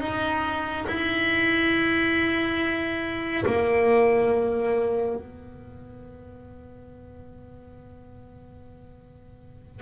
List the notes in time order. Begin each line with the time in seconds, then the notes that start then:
0.00 D#4
0.87 E4
3.46 A#3
5.15 B3